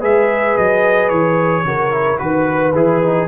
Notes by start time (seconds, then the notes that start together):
0.00 G#3 G#4 B4 E5
0.58 F#3 D#5
1.09 E3 C#5
1.64 C#3 F#4 A#4
1.92 E4
2.18 D#3 F#4 B4
2.74 E3 E4 G#4
3.03 D#4